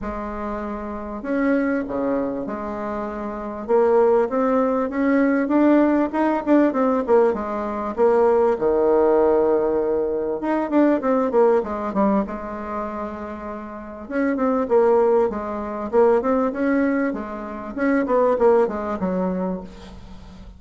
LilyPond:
\new Staff \with { instrumentName = "bassoon" } { \time 4/4 \tempo 4 = 98 gis2 cis'4 cis4 | gis2 ais4 c'4 | cis'4 d'4 dis'8 d'8 c'8 ais8 | gis4 ais4 dis2~ |
dis4 dis'8 d'8 c'8 ais8 gis8 g8 | gis2. cis'8 c'8 | ais4 gis4 ais8 c'8 cis'4 | gis4 cis'8 b8 ais8 gis8 fis4 | }